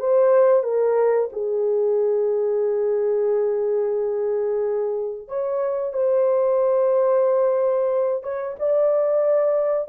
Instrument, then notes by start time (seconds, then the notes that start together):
horn
0.00 C5
0.64 A#4
1.32 G#4
5.28 C#5
5.94 C5
8.24 C#5
8.60 D5